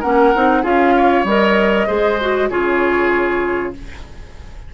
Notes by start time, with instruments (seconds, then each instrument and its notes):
0.00 bassoon A#3, clarinet C#4, oboe A#4, flute F#5
0.35 bassoon C4, clarinet D#4
0.62 bassoon C#4, clarinet F4, oboe G#4, flute F5
0.97 oboe C#5
1.24 bassoon G3, clarinet A#4, flute D#5
1.87 bassoon G#3, clarinet G#4, oboe C5
2.21 clarinet F#4
2.50 bassoon C#3, clarinet F4, oboe G#4, flute C#5